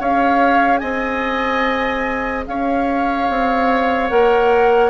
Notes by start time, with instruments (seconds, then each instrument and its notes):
0.00 bassoon C#4, clarinet G#4, oboe C#5, flute F5
0.78 bassoon C4, oboe D#5, flute G#5
2.47 bassoon C#4, oboe C#5, flute F5
3.30 bassoon C4
4.09 bassoon A#3, clarinet A#4, flute F#5